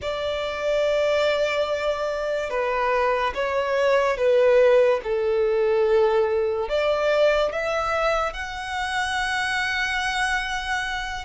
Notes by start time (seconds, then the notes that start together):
0.02 D5
2.50 B4
3.34 C#5
4.17 B4
5.03 A4
6.68 D5
7.52 E5
8.33 F#5